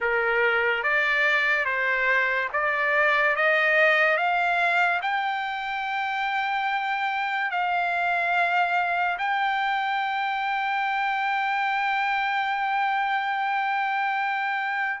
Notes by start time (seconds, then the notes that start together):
0.00 A#4
0.83 D5
1.65 C5
2.52 D5
3.35 D#5
4.17 F5
5.02 G5
7.50 F5
9.18 G5